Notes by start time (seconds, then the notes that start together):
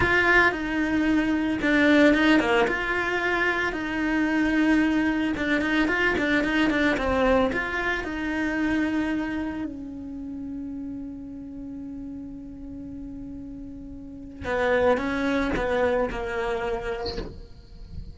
0.00 F4
0.51 D#4
1.61 D4
2.14 D#4
2.39 A#3
2.67 F4
3.72 D#4
5.36 D4
5.61 D#4
5.88 F4
6.18 D4
6.43 D#4
6.70 D4
6.97 C4
7.52 F4
8.04 D#4
9.64 C#4
14.44 B3
14.97 C#4
15.56 B3
16.10 A#3